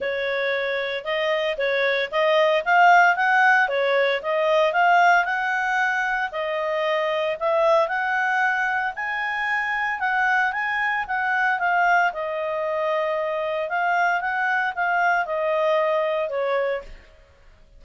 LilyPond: \new Staff \with { instrumentName = "clarinet" } { \time 4/4 \tempo 4 = 114 cis''2 dis''4 cis''4 | dis''4 f''4 fis''4 cis''4 | dis''4 f''4 fis''2 | dis''2 e''4 fis''4~ |
fis''4 gis''2 fis''4 | gis''4 fis''4 f''4 dis''4~ | dis''2 f''4 fis''4 | f''4 dis''2 cis''4 | }